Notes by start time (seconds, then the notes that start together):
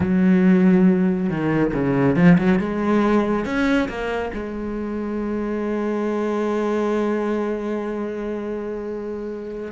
0.00 F#3
1.29 D#3
1.73 C#3
2.15 F3
2.38 F#3
2.59 G#3
3.45 C#4
3.88 A#3
4.33 G#3